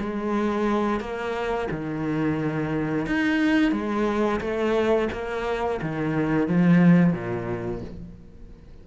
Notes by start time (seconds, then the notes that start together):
0.00 G#3
1.00 A#3
1.71 D#3
3.06 D#4
3.72 G#3
4.40 A3
5.12 A#3
5.82 D#3
6.48 F3
7.13 A#2